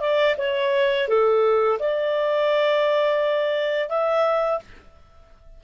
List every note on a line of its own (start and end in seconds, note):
0.00 0.35 D5
0.38 1.08 C#5
1.08 1.79 A4
1.79 3.89 D5
3.89 4.59 E5